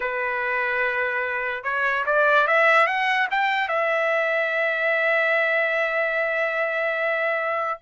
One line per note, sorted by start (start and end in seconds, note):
0.00 1.63 B4
1.63 2.04 C#5
2.06 2.47 D5
2.47 2.86 E5
2.86 3.27 F#5
3.30 3.68 G5
3.68 7.79 E5